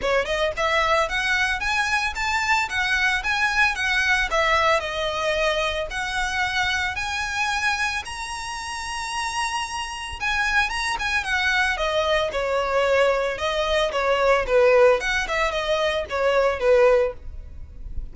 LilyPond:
\new Staff \with { instrumentName = "violin" } { \time 4/4 \tempo 4 = 112 cis''8 dis''8 e''4 fis''4 gis''4 | a''4 fis''4 gis''4 fis''4 | e''4 dis''2 fis''4~ | fis''4 gis''2 ais''4~ |
ais''2. gis''4 | ais''8 gis''8 fis''4 dis''4 cis''4~ | cis''4 dis''4 cis''4 b'4 | fis''8 e''8 dis''4 cis''4 b'4 | }